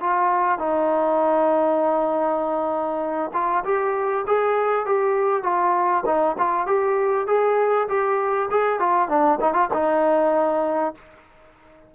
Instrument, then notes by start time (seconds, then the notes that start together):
trombone
0.00 F4
0.58 D#4
3.33 F4
3.64 G4
4.26 G#4
4.85 G4
5.43 F4
6.06 D#4
6.38 F4
6.66 G4
7.27 G#4
7.88 G4
8.50 G#4
8.79 F4
9.08 D4
9.40 D#4
9.53 F4
9.73 D#4